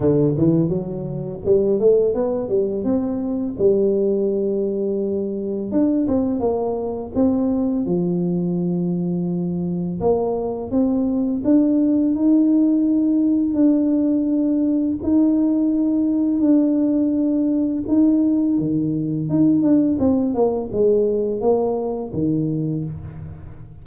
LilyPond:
\new Staff \with { instrumentName = "tuba" } { \time 4/4 \tempo 4 = 84 d8 e8 fis4 g8 a8 b8 g8 | c'4 g2. | d'8 c'8 ais4 c'4 f4~ | f2 ais4 c'4 |
d'4 dis'2 d'4~ | d'4 dis'2 d'4~ | d'4 dis'4 dis4 dis'8 d'8 | c'8 ais8 gis4 ais4 dis4 | }